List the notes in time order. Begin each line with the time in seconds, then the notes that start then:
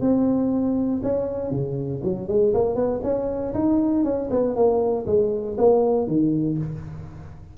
0.00 C4
1.02 C#4
1.50 C#3
2.03 F#3
2.28 G#3
2.53 A#3
2.75 B3
3.03 C#4
3.54 D#4
4.04 C#4
4.30 B3
4.55 A#3
5.06 G#3
5.57 A#3
6.07 D#3